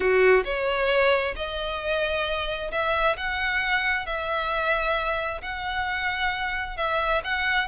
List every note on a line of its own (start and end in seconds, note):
0.00 0.43 F#4
0.44 1.34 C#5
1.36 2.71 D#5
2.71 3.16 E5
3.16 4.06 F#5
4.06 5.41 E5
5.41 6.76 F#5
6.76 7.22 E5
7.24 7.68 F#5